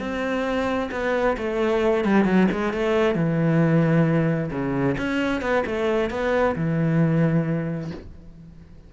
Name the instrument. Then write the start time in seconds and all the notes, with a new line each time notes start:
cello
0.00 C4
0.92 B3
1.38 A3
2.05 G3
2.25 F#3
2.52 G#3
2.73 A3
3.15 E3
4.51 C#3
4.98 C#4
5.42 B3
5.66 A3
6.11 B3
6.56 E3